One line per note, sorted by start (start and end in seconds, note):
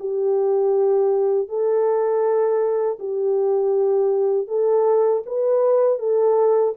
0.00 1.49 G4
1.49 2.99 A4
2.99 4.48 G4
4.48 5.23 A4
5.26 5.99 B4
5.99 6.74 A4